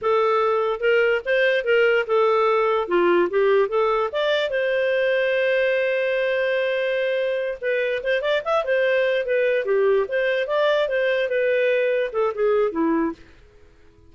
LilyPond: \new Staff \with { instrumentName = "clarinet" } { \time 4/4 \tempo 4 = 146 a'2 ais'4 c''4 | ais'4 a'2 f'4 | g'4 a'4 d''4 c''4~ | c''1~ |
c''2~ c''8 b'4 c''8 | d''8 e''8 c''4. b'4 g'8~ | g'8 c''4 d''4 c''4 b'8~ | b'4. a'8 gis'4 e'4 | }